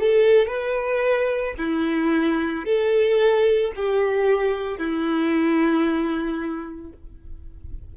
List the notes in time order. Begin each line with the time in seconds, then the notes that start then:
0.00 A4
0.47 B4
1.58 E4
2.65 A4
3.75 G4
4.78 E4